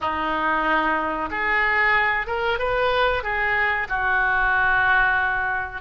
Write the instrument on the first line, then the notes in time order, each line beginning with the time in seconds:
oboe
0.00 D#4
1.30 G#4
2.26 A#4
2.58 B4
3.23 G#4
3.89 F#4